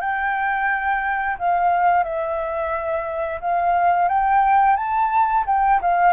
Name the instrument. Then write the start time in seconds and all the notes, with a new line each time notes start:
flute
0.00 G5
1.38 F5
2.03 E5
3.40 F5
4.08 G5
4.76 A5
5.46 G5
5.81 F5